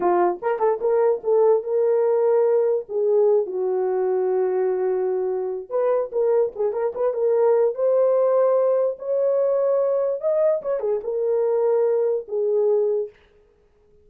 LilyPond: \new Staff \with { instrumentName = "horn" } { \time 4/4 \tempo 4 = 147 f'4 ais'8 a'8 ais'4 a'4 | ais'2. gis'4~ | gis'8 fis'2.~ fis'8~ | fis'2 b'4 ais'4 |
gis'8 ais'8 b'8 ais'4. c''4~ | c''2 cis''2~ | cis''4 dis''4 cis''8 gis'8 ais'4~ | ais'2 gis'2 | }